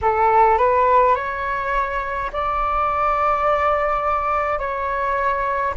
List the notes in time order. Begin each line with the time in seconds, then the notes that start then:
0.01 A4
0.58 B4
1.15 C#5
2.32 D5
4.58 C#5